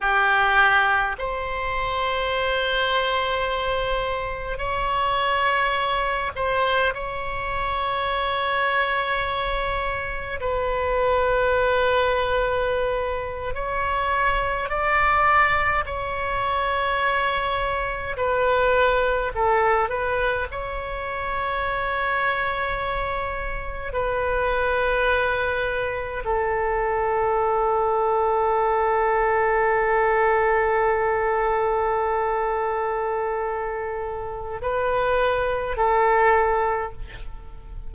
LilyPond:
\new Staff \with { instrumentName = "oboe" } { \time 4/4 \tempo 4 = 52 g'4 c''2. | cis''4. c''8 cis''2~ | cis''4 b'2~ b'8. cis''16~ | cis''8. d''4 cis''2 b'16~ |
b'8. a'8 b'8 cis''2~ cis''16~ | cis''8. b'2 a'4~ a'16~ | a'1~ | a'2 b'4 a'4 | }